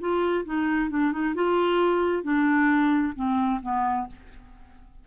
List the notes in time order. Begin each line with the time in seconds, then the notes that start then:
0.00 F4
0.46 D#4
0.90 D4
1.12 D#4
1.35 F4
2.23 D4
3.16 C4
3.62 B3